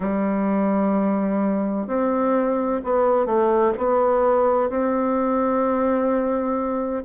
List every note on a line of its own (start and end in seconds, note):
0.00 1.87 G3
1.87 2.81 C4
2.84 3.26 B3
3.26 3.72 A3
3.78 4.69 B3
4.69 7.04 C4